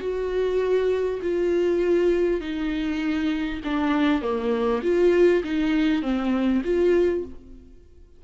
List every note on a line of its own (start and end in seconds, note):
0.00 1.20 F#4
1.22 2.41 F4
2.41 3.61 D#4
3.64 4.22 D4
4.22 4.82 A#3
4.83 5.43 F4
5.44 6.02 D#4
6.02 6.62 C4
6.64 7.24 F4